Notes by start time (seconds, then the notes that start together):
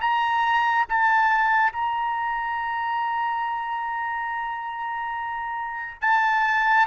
0.00 A#5
0.89 A5
1.72 A#5
6.01 A5